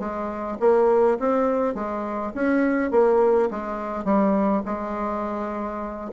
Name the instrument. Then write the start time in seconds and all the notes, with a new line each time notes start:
bassoon
0.00 G#3
0.60 A#3
1.20 C4
1.75 G#3
2.35 C#4
2.92 A#3
3.51 G#3
4.05 G3
4.66 G#3